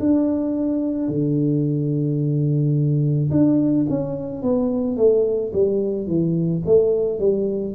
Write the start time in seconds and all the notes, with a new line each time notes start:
0.00 D4
1.09 D3
3.31 D4
3.89 C#4
4.42 B3
4.97 A3
5.54 G3
6.07 E3
6.66 A3
7.20 G3